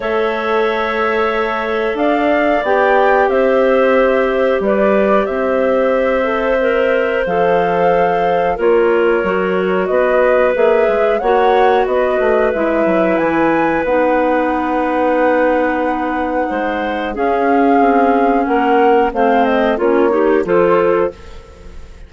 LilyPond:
<<
  \new Staff \with { instrumentName = "flute" } { \time 4/4 \tempo 4 = 91 e''2. f''4 | g''4 e''2 d''4 | e''2. f''4~ | f''4 cis''2 dis''4 |
e''4 fis''4 dis''4 e''4 | gis''4 fis''2.~ | fis''2 f''2 | fis''4 f''8 dis''8 cis''4 c''4 | }
  \new Staff \with { instrumentName = "clarinet" } { \time 4/4 cis''2. d''4~ | d''4 c''2 b'4 | c''1~ | c''4 ais'2 b'4~ |
b'4 cis''4 b'2~ | b'1~ | b'4 c''4 gis'2 | ais'4 c''4 f'8 g'8 a'4 | }
  \new Staff \with { instrumentName = "clarinet" } { \time 4/4 a'1 | g'1~ | g'4. a'8 ais'4 a'4~ | a'4 f'4 fis'2 |
gis'4 fis'2 e'4~ | e'4 dis'2.~ | dis'2 cis'2~ | cis'4 c'4 cis'8 dis'8 f'4 | }
  \new Staff \with { instrumentName = "bassoon" } { \time 4/4 a2. d'4 | b4 c'2 g4 | c'2. f4~ | f4 ais4 fis4 b4 |
ais8 gis8 ais4 b8 a8 gis8 fis8 | e4 b2.~ | b4 gis4 cis'4 c'4 | ais4 a4 ais4 f4 | }
>>